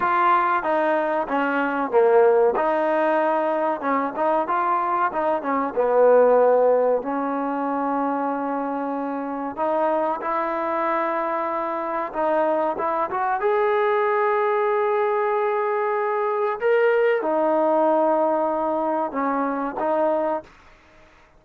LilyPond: \new Staff \with { instrumentName = "trombone" } { \time 4/4 \tempo 4 = 94 f'4 dis'4 cis'4 ais4 | dis'2 cis'8 dis'8 f'4 | dis'8 cis'8 b2 cis'4~ | cis'2. dis'4 |
e'2. dis'4 | e'8 fis'8 gis'2.~ | gis'2 ais'4 dis'4~ | dis'2 cis'4 dis'4 | }